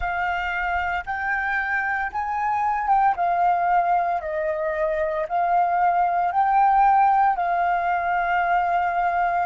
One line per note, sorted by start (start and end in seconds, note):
0.00 1.04 F5
1.05 2.11 G5
2.12 2.88 G#5
2.88 3.14 G5
3.16 4.21 F5
4.21 5.26 D#5
5.28 6.32 F5
6.32 7.36 G5
7.36 9.46 F5